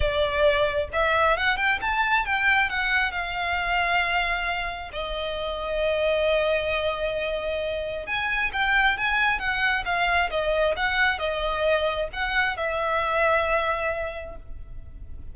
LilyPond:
\new Staff \with { instrumentName = "violin" } { \time 4/4 \tempo 4 = 134 d''2 e''4 fis''8 g''8 | a''4 g''4 fis''4 f''4~ | f''2. dis''4~ | dis''1~ |
dis''2 gis''4 g''4 | gis''4 fis''4 f''4 dis''4 | fis''4 dis''2 fis''4 | e''1 | }